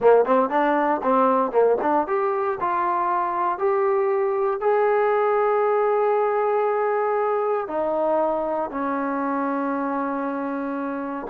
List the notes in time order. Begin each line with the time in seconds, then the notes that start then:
0.00 A#3
0.25 C4
0.49 D4
1.02 C4
1.51 A#3
1.81 D4
2.07 G4
2.60 F4
3.58 G4
4.60 G#4
7.67 D#4
8.70 C#4